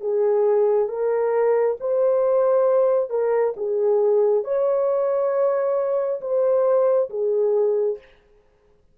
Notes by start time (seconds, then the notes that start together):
0.00 G#4
0.88 A#4
1.80 C5
3.09 A#4
3.56 G#4
4.44 C#5
6.20 C5
7.09 G#4